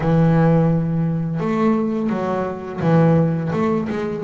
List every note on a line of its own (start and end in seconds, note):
0.00 1.40 E3
1.40 2.09 A3
2.09 2.80 F#3
2.80 3.51 E3
3.53 3.88 A3
3.89 4.24 G#3